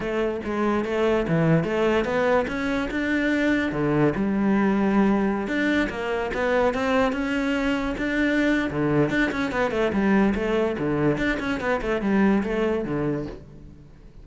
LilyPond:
\new Staff \with { instrumentName = "cello" } { \time 4/4 \tempo 4 = 145 a4 gis4 a4 e4 | a4 b4 cis'4 d'4~ | d'4 d4 g2~ | g4~ g16 d'4 ais4 b8.~ |
b16 c'4 cis'2 d'8.~ | d'4 d4 d'8 cis'8 b8 a8 | g4 a4 d4 d'8 cis'8 | b8 a8 g4 a4 d4 | }